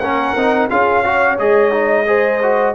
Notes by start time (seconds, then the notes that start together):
0.00 A#3 C#4 A#4 F#5
0.36 C4 D#4
0.70 C#4 F4 G#4 F5
1.03 F#4 C#5
1.39 G#3 G#4 D#5
1.72 D#4
2.07 G#4 C5
2.43 F#4